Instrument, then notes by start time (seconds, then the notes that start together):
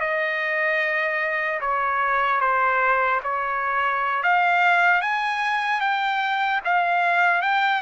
trumpet
0.00 D#5
1.60 C#5
2.41 C5
3.24 C#5
4.23 F5
5.01 G#5
5.81 G5
6.65 F5
7.42 G5